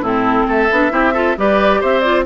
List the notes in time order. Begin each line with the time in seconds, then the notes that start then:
0.00 A2 C4 E4 A4
0.48 A3 A4 E5
0.71 B3 D4
0.90 C4 E4 G4
1.13 F4 A4
1.37 G3 G4 B4 D5
1.80 C4 C5 E5
2.00 F4 D5